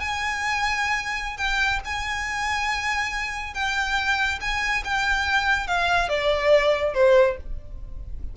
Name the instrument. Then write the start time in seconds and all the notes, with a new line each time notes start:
violin
0.00 G#5
1.37 G5
1.85 G#5
3.54 G5
4.41 G#5
4.84 G5
5.67 F5
6.09 D5
6.94 C5